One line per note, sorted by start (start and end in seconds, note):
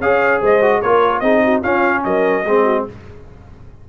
0.00 0.41 C#4
0.00 0.62 G#4
0.00 0.40 C#5
0.00 0.41 F5
0.40 0.83 G#3
0.40 0.81 C5
0.40 0.82 D#5
0.62 0.82 F#4
0.82 1.21 A#3
0.82 1.23 F4
0.82 1.22 A#4
0.82 1.19 C#5
1.19 1.62 C4
1.19 1.63 D#4
1.19 1.42 G#4
1.19 1.60 D#5
1.44 1.61 F#4
1.61 2.45 C#4
1.61 2.05 C#4
1.61 2.02 F4
1.61 2.04 F5
2.04 2.45 F#3
2.04 2.46 A#4
2.04 2.86 D#5
2.45 2.85 G#3
2.45 2.89 C4
2.45 2.64 G#4
2.64 2.84 F#4